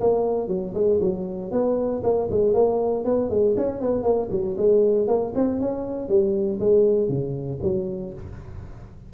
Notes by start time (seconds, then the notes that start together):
0.00 A#3
0.48 F#3
0.74 G#3
1.00 F#3
1.51 B3
2.03 A#3
2.30 G#3
2.53 A#3
3.04 B3
3.30 G#3
3.57 C#4
3.80 B3
4.03 A#3
4.30 F#3
4.57 G#3
5.07 A#3
5.35 C4
5.60 C#4
6.08 G3
6.59 G#3
7.08 C#3
7.62 F#3